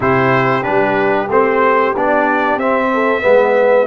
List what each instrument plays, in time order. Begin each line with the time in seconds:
0.00 tuba C3, trombone E4, horn G4, trumpet C5
0.62 tuba G3, trombone D4, trumpet B4
1.28 tuba A3, trombone C4, trumpet C5
1.96 tuba B3, trombone D4, trumpet D5
2.55 tuba C4, trombone C4, trumpet E5
2.93 horn A4
3.21 tuba G#3, trombone B3, horn B4